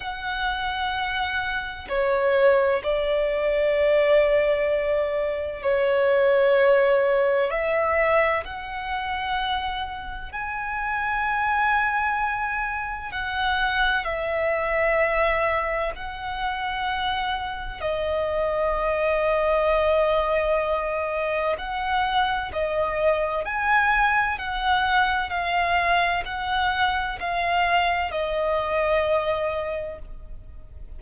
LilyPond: \new Staff \with { instrumentName = "violin" } { \time 4/4 \tempo 4 = 64 fis''2 cis''4 d''4~ | d''2 cis''2 | e''4 fis''2 gis''4~ | gis''2 fis''4 e''4~ |
e''4 fis''2 dis''4~ | dis''2. fis''4 | dis''4 gis''4 fis''4 f''4 | fis''4 f''4 dis''2 | }